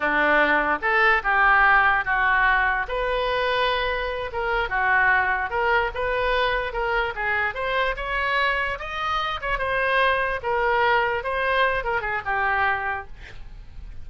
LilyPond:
\new Staff \with { instrumentName = "oboe" } { \time 4/4 \tempo 4 = 147 d'2 a'4 g'4~ | g'4 fis'2 b'4~ | b'2~ b'8 ais'4 fis'8~ | fis'4. ais'4 b'4.~ |
b'8 ais'4 gis'4 c''4 cis''8~ | cis''4. dis''4. cis''8 c''8~ | c''4. ais'2 c''8~ | c''4 ais'8 gis'8 g'2 | }